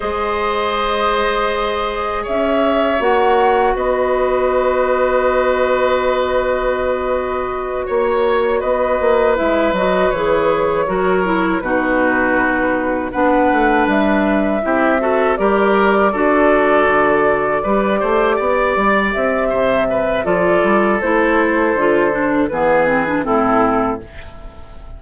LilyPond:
<<
  \new Staff \with { instrumentName = "flute" } { \time 4/4 \tempo 4 = 80 dis''2. e''4 | fis''4 dis''2.~ | dis''2~ dis''8 cis''4 dis''8~ | dis''8 e''8 dis''8 cis''2 b'8~ |
b'4. fis''4 e''4.~ | e''8 d''2.~ d''8~ | d''4. e''4. d''4 | c''2 b'4 a'4 | }
  \new Staff \with { instrumentName = "oboe" } { \time 4/4 c''2. cis''4~ | cis''4 b'2.~ | b'2~ b'8 cis''4 b'8~ | b'2~ b'8 ais'4 fis'8~ |
fis'4. b'2 g'8 | a'8 ais'4 a'2 b'8 | c''8 d''4. c''8 b'8 a'4~ | a'2 gis'4 e'4 | }
  \new Staff \with { instrumentName = "clarinet" } { \time 4/4 gis'1 | fis'1~ | fis'1~ | fis'8 e'8 fis'8 gis'4 fis'8 e'8 dis'8~ |
dis'4. d'2 e'8 | fis'8 g'4 fis'2 g'8~ | g'2. f'4 | e'4 f'8 d'8 b8 c'16 d'16 c'4 | }
  \new Staff \with { instrumentName = "bassoon" } { \time 4/4 gis2. cis'4 | ais4 b2.~ | b2~ b8 ais4 b8 | ais8 gis8 fis8 e4 fis4 b,8~ |
b,4. b8 a8 g4 c'8~ | c'8 g4 d'4 d4 g8 | a8 b8 g8 c'8 c4 f8 g8 | a4 d4 e4 a,4 | }
>>